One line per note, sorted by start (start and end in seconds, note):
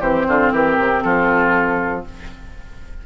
0.00 0.25 E3
0.00 2.05 C4
0.00 0.25 G4
0.00 0.52 C5
0.28 0.51 D3
0.28 0.53 F4
0.51 0.77 E3
0.51 1.03 G4
0.51 1.02 A#4
0.78 1.03 C3
1.02 2.06 F3
1.02 2.05 F4
1.02 2.04 A4